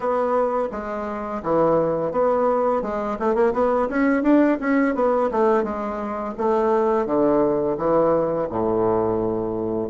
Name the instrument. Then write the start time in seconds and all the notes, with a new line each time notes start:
bassoon
0.00 B3
0.71 G#3
1.42 E3
2.11 B3
2.82 G#3
3.19 A3
3.35 A#3
3.53 B3
3.89 C#4
4.22 D4
4.59 C#4
4.94 B3
5.31 A3
5.63 G#3
6.37 A3
7.06 D3
7.77 E3
8.49 A2